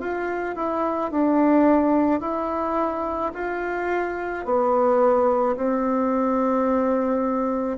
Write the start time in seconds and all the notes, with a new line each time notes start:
0.00 F4
0.56 E4
1.11 D4
2.20 E4
3.34 F4
4.45 B3
5.56 C4